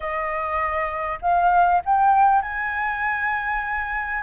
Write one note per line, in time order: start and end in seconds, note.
0.00 1.18 D#5
1.21 1.82 F5
1.85 2.42 G5
2.42 4.23 G#5